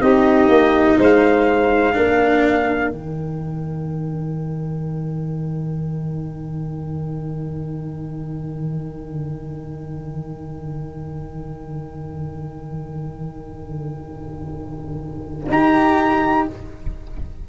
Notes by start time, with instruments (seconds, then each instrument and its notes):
0.00 tuba C4, cello D#4, saxophone G4, trumpet D#5
0.48 tuba A#3
0.98 tuba G#3, saxophone C5, trumpet F5
1.92 tuba A#3, cello D4, saxophone A#4
2.89 tuba D#3, cello D#4, trumpet G5
15.49 tuba D#4, cello G4, trumpet A#5